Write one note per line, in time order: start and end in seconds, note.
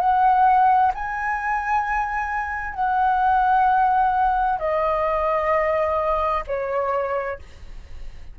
0.00 0.92 F#5
0.95 2.75 G#5
2.75 4.59 F#5
4.59 6.44 D#5
6.47 7.40 C#5